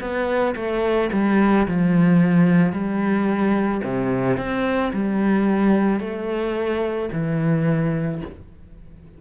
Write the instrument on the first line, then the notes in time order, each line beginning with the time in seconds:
cello
0.00 B3
0.56 A3
1.13 G3
1.68 F3
2.72 G3
3.84 C3
4.37 C4
4.93 G3
6.00 A3
7.12 E3